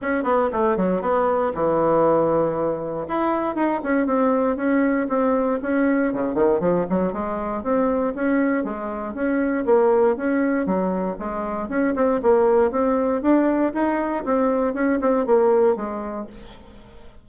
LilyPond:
\new Staff \with { instrumentName = "bassoon" } { \time 4/4 \tempo 4 = 118 cis'8 b8 a8 fis8 b4 e4~ | e2 e'4 dis'8 cis'8 | c'4 cis'4 c'4 cis'4 | cis8 dis8 f8 fis8 gis4 c'4 |
cis'4 gis4 cis'4 ais4 | cis'4 fis4 gis4 cis'8 c'8 | ais4 c'4 d'4 dis'4 | c'4 cis'8 c'8 ais4 gis4 | }